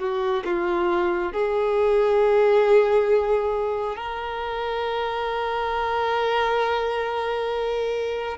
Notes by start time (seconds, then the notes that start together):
0.00 F#4
0.45 F4
1.33 G#4
3.97 A#4